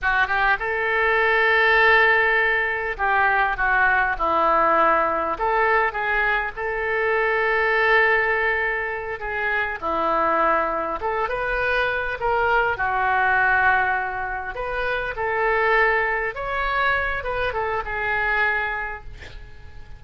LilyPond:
\new Staff \with { instrumentName = "oboe" } { \time 4/4 \tempo 4 = 101 fis'8 g'8 a'2.~ | a'4 g'4 fis'4 e'4~ | e'4 a'4 gis'4 a'4~ | a'2.~ a'8 gis'8~ |
gis'8 e'2 a'8 b'4~ | b'8 ais'4 fis'2~ fis'8~ | fis'8 b'4 a'2 cis''8~ | cis''4 b'8 a'8 gis'2 | }